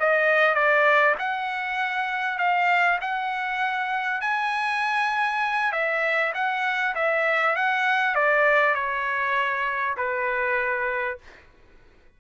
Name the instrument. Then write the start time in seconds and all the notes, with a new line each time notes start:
trumpet
0.00 D#5
0.55 D5
1.19 F#5
2.39 F5
3.01 F#5
4.22 G#5
5.73 E5
6.34 F#5
6.96 E5
7.56 F#5
8.15 D5
8.75 C#5
9.98 B4